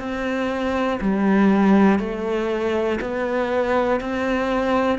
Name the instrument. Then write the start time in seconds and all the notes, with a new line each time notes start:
cello
0.00 C4
1.01 G3
2.00 A3
3.01 B3
4.01 C4